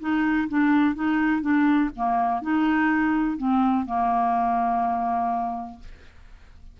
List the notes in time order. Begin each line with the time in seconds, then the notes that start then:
0.00 D#4
0.49 D4
0.95 D#4
1.42 D4
1.96 A#3
2.42 D#4
3.38 C4
3.86 A#3